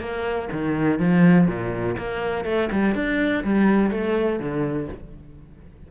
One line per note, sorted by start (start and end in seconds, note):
0.00 0.49 A#3
0.52 0.99 D#3
0.99 1.47 F3
1.47 1.96 A#2
1.98 2.45 A#3
2.45 2.69 A3
2.72 2.95 G3
2.95 3.43 D4
3.44 3.91 G3
3.91 4.39 A3
4.39 4.88 D3